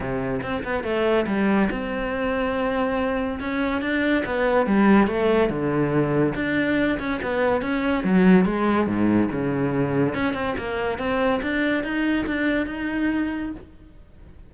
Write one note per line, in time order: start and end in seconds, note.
0.00 0.41 C3
0.42 0.63 C4
0.64 0.83 B3
0.83 1.26 A3
1.27 1.69 G3
1.70 3.39 C4
3.39 3.81 C#4
3.81 4.23 D4
4.25 4.66 B3
4.66 5.07 G3
5.07 5.49 A3
5.49 6.34 D3
6.35 6.98 D4
6.99 7.20 C#4
7.22 7.61 B3
7.61 8.03 C#4
8.04 8.45 F#3
8.45 8.87 G#3
8.87 9.29 G#2
9.31 10.14 C#3
10.14 10.33 C#4
10.33 10.54 C4
10.57 10.98 A#3
10.98 11.40 C4
11.42 11.83 D4
11.83 12.25 D#4
12.26 12.66 D4
12.66 13.51 D#4